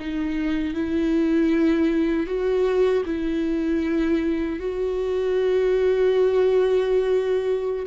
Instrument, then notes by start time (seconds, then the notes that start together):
viola
0.00 D#4
0.74 E4
2.27 F#4
3.06 E4
4.60 F#4